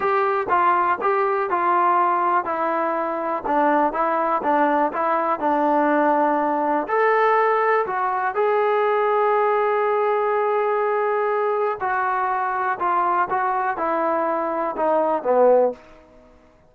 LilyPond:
\new Staff \with { instrumentName = "trombone" } { \time 4/4 \tempo 4 = 122 g'4 f'4 g'4 f'4~ | f'4 e'2 d'4 | e'4 d'4 e'4 d'4~ | d'2 a'2 |
fis'4 gis'2.~ | gis'1 | fis'2 f'4 fis'4 | e'2 dis'4 b4 | }